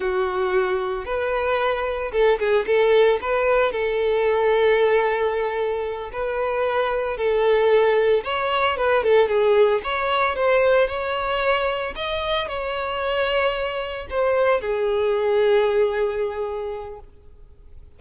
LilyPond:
\new Staff \with { instrumentName = "violin" } { \time 4/4 \tempo 4 = 113 fis'2 b'2 | a'8 gis'8 a'4 b'4 a'4~ | a'2.~ a'8 b'8~ | b'4. a'2 cis''8~ |
cis''8 b'8 a'8 gis'4 cis''4 c''8~ | c''8 cis''2 dis''4 cis''8~ | cis''2~ cis''8 c''4 gis'8~ | gis'1 | }